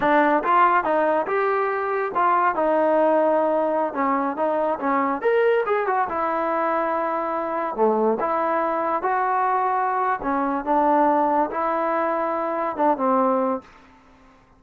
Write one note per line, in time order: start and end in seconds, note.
0.00 0.43 D4
0.43 0.84 F4
0.84 1.26 D#4
1.26 2.11 G4
2.15 2.55 F4
2.55 3.93 D#4
3.93 4.36 C#4
4.36 4.79 D#4
4.79 5.21 C#4
5.21 5.64 A#4
5.66 5.86 G#4
5.86 6.08 F#4
6.09 7.75 E4
7.75 8.18 A3
8.19 9.02 E4
9.02 10.19 F#4
10.22 10.64 C#4
10.64 11.50 D4
11.50 12.76 E4
12.76 12.97 D4
12.97 13.61 C4